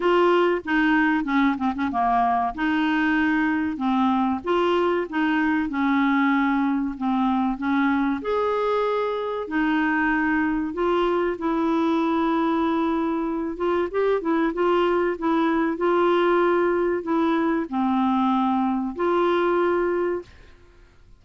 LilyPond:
\new Staff \with { instrumentName = "clarinet" } { \time 4/4 \tempo 4 = 95 f'4 dis'4 cis'8 c'16 cis'16 ais4 | dis'2 c'4 f'4 | dis'4 cis'2 c'4 | cis'4 gis'2 dis'4~ |
dis'4 f'4 e'2~ | e'4. f'8 g'8 e'8 f'4 | e'4 f'2 e'4 | c'2 f'2 | }